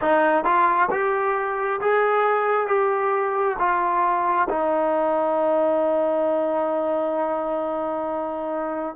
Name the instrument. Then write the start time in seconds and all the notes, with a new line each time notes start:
trombone
0.01 D#4
0.44 F4
0.90 G4
1.80 G#4
2.67 G4
3.58 F4
4.49 D#4